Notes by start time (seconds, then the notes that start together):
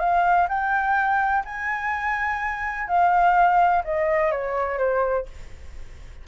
0.00 F5
0.49 G5
1.45 G#5
2.88 F5
3.84 D#5
4.32 C#5
4.78 C5